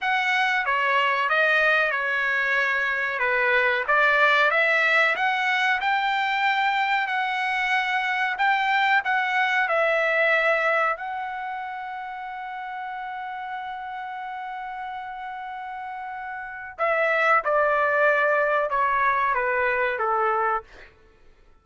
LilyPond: \new Staff \with { instrumentName = "trumpet" } { \time 4/4 \tempo 4 = 93 fis''4 cis''4 dis''4 cis''4~ | cis''4 b'4 d''4 e''4 | fis''4 g''2 fis''4~ | fis''4 g''4 fis''4 e''4~ |
e''4 fis''2.~ | fis''1~ | fis''2 e''4 d''4~ | d''4 cis''4 b'4 a'4 | }